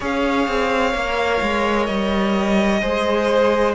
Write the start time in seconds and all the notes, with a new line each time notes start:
0.00 C#4 G#4 C#5 F5
0.47 C4
0.92 A#3 A#4
1.41 G#3
1.85 G3 D#5
2.81 G#3 G#4 C5